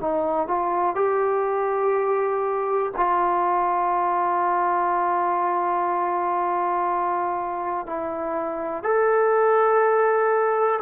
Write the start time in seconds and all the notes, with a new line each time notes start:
0.00 D#4
0.47 F4
0.95 G4
2.96 F4
7.86 E4
8.83 A4